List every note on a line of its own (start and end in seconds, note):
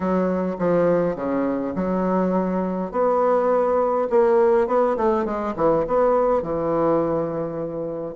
0.00 0.56 F#3
0.59 1.15 F3
1.15 1.73 C#3
1.75 2.91 F#3
2.91 4.08 B3
4.10 4.67 A#3
4.67 4.96 B3
4.96 5.25 A3
5.25 5.54 G#3
5.56 5.85 E3
5.87 6.42 B3
6.42 8.15 E3